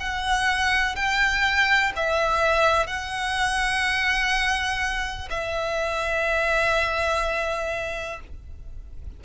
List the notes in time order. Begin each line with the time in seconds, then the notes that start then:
0.00 F#5
0.95 G5
1.96 E5
2.87 F#5
5.30 E5